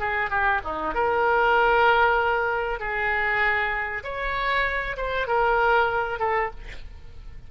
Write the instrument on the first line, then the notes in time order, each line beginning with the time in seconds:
oboe
0.00 G#4
0.30 G4
0.64 D#4
0.95 A#4
2.80 G#4
4.04 C#5
4.97 C5
5.27 A#4
6.20 A4